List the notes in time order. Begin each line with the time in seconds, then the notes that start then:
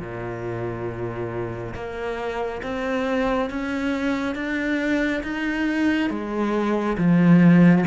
0.00 A#2
1.74 A#3
2.62 C4
3.50 C#4
4.35 D4
5.23 D#4
6.10 G#3
6.97 F3